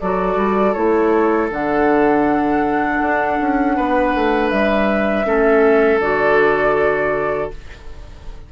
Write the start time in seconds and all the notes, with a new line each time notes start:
0.00 F#3 F#4 A4 D5
0.35 G3
0.73 A3 E4 C#5
1.50 D3 D4 F#5
3.01 D4
3.40 C#4
3.76 B3 B4
4.14 A3
4.50 G3 E5
5.25 A3 C#4 A4
6.00 D3 F#4 D5